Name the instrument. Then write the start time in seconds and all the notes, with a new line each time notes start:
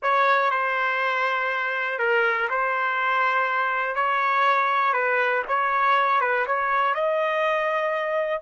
trumpet
0.02 C#5
0.50 C5
1.99 A#4
2.49 C5
3.95 C#5
4.93 B4
5.48 C#5
6.21 B4
6.46 C#5
6.94 D#5